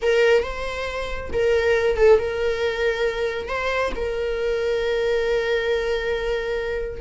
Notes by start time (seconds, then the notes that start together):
0.02 A#4
0.43 C5
1.32 A#4
1.96 A4
2.19 A#4
3.48 C5
3.95 A#4